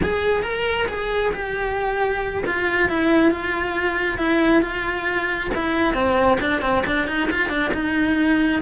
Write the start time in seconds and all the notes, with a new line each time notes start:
0.02 G#4
0.42 A#4
0.88 G#4
1.33 G4
2.46 F4
2.89 E4
3.31 F4
4.18 E4
4.62 F4
5.55 E4
5.94 C4
6.40 D4
6.61 C4
6.86 D4
7.07 D#4
7.30 F4
7.49 D4
7.73 D#4